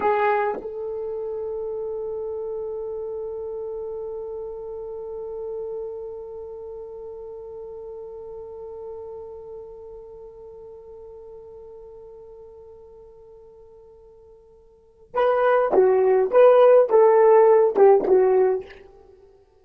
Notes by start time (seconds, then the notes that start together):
0.00 G#4
0.61 A4
15.14 B4
15.73 F#4
16.31 B4
16.89 A4
17.75 G4
18.07 F#4